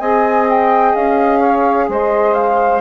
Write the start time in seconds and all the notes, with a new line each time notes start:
0.00 C4 G#4 D#5 G#5
0.50 G5
0.96 C#4 F5
1.39 C#5
1.89 G#3 C5 D#5
2.34 F5